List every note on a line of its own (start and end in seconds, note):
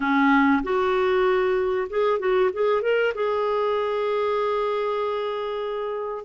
0.00 0.62 C#4
0.63 1.88 F#4
1.89 2.19 G#4
2.19 2.50 F#4
2.53 2.82 G#4
2.82 3.13 A#4
3.14 6.24 G#4